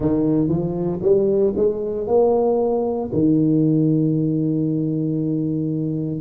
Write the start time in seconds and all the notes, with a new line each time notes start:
0.00 D#3
0.48 F3
1.02 G3
1.56 G#3
2.07 A#3
3.12 D#3